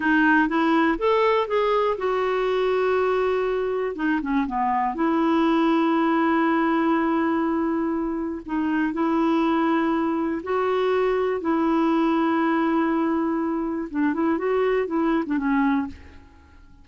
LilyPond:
\new Staff \with { instrumentName = "clarinet" } { \time 4/4 \tempo 4 = 121 dis'4 e'4 a'4 gis'4 | fis'1 | dis'8 cis'8 b4 e'2~ | e'1~ |
e'4 dis'4 e'2~ | e'4 fis'2 e'4~ | e'1 | d'8 e'8 fis'4 e'8. d'16 cis'4 | }